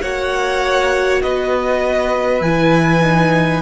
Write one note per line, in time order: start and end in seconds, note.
0.00 1.22 A#3
0.00 2.40 F#4
0.00 1.22 C#5
0.00 1.21 F#5
1.22 2.41 B3
1.22 3.62 B4
1.22 2.42 D#5
2.41 3.60 E3
2.41 3.02 E4
2.41 3.62 G#5
3.02 3.62 D#4